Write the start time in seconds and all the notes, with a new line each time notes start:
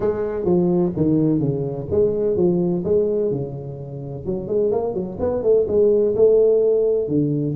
0.00 G#3
0.44 F3
0.96 D#3
1.39 C#3
1.90 G#3
2.36 F3
2.84 G#3
3.31 C#3
4.25 F#3
4.47 G#3
4.71 A#3
4.93 F#3
5.19 B3
5.42 A3
5.68 G#3
6.15 A3
7.08 D3